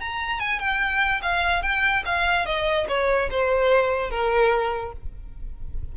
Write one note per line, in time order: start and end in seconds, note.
0.00 0.40 A#5
0.40 0.59 G#5
0.59 1.21 G5
1.22 1.63 F5
1.63 2.04 G5
2.05 2.46 F5
2.46 2.87 D#5
2.88 3.29 C#5
3.31 4.10 C5
4.10 4.92 A#4